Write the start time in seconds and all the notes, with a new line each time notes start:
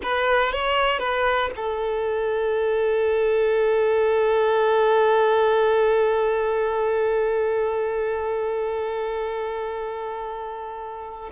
0.02 B4
0.52 C#5
0.99 B4
1.55 A4